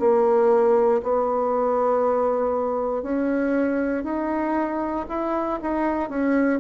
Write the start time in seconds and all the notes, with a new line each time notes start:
0.00 A#3
1.03 B3
3.03 C#4
4.04 D#4
5.09 E4
5.62 D#4
6.10 C#4